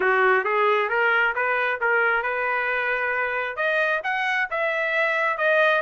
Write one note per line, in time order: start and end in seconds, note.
0.00 0.44 F#4
0.44 0.89 G#4
0.89 1.34 A#4
1.35 1.80 B4
1.80 2.22 A#4
2.22 3.56 B4
3.56 4.01 D#5
4.03 4.48 F#5
4.50 5.37 E5
5.37 5.81 D#5